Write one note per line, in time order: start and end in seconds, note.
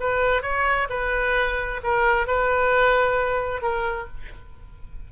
0.00 0.42 B4
0.42 0.88 C#5
0.90 1.81 B4
1.84 2.28 A#4
2.28 3.62 B4
3.62 4.08 A#4